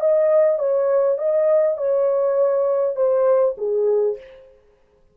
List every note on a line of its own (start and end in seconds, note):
0.00 0.59 D#5
0.59 1.18 C#5
1.18 1.77 D#5
1.77 2.96 C#5
2.96 3.55 C5
3.58 4.17 G#4